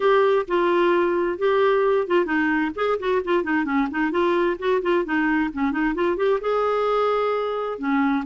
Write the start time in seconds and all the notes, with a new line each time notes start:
0.00 G4
0.47 F4
1.38 G4
2.07 F4
2.25 D#4
2.75 G#4
2.99 F#4
3.24 F4
3.43 D#4
3.65 C#4
3.90 D#4
4.11 F4
4.58 F#4
4.82 F4
5.04 D#4
5.53 C#4
5.71 D#4
5.95 F4
6.16 G4
6.41 G#4
7.78 C#4